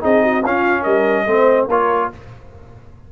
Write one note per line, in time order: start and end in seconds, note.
0.00 0.45 C4
0.00 0.42 D#4
0.00 0.23 G#4
0.00 0.45 D#5
0.23 0.44 F#4
0.44 0.85 C#4
0.44 1.27 C#4
0.44 0.82 F4
0.44 0.83 F5
0.82 1.26 G3
0.82 1.23 A#4
0.82 1.66 D#5
1.26 1.67 A3
1.26 1.69 C4
1.26 1.68 C5
1.67 2.09 A#3
1.67 2.12 F4
1.67 2.10 A#4
1.67 2.12 C#5